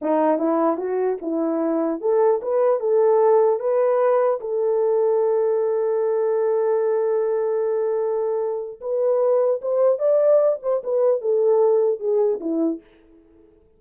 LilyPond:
\new Staff \with { instrumentName = "horn" } { \time 4/4 \tempo 4 = 150 dis'4 e'4 fis'4 e'4~ | e'4 a'4 b'4 a'4~ | a'4 b'2 a'4~ | a'1~ |
a'1~ | a'2 b'2 | c''4 d''4. c''8 b'4 | a'2 gis'4 e'4 | }